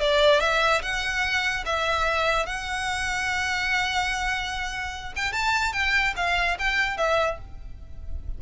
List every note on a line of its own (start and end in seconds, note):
0.00 0.40 D5
0.40 0.81 E5
0.82 1.64 F#5
1.65 2.46 E5
2.46 5.13 F#5
5.16 5.32 G5
5.32 5.73 A5
5.73 6.14 G5
6.16 6.58 F5
6.59 6.97 G5
6.97 7.38 E5